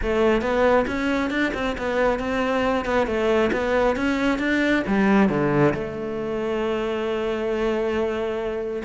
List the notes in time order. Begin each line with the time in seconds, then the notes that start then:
0.02 A3
0.41 B3
0.87 C#4
1.30 D4
1.54 C4
1.78 B3
2.19 C4
2.85 B3
3.06 A3
3.52 B3
3.95 C#4
4.39 D4
4.87 G3
5.29 D3
5.74 A3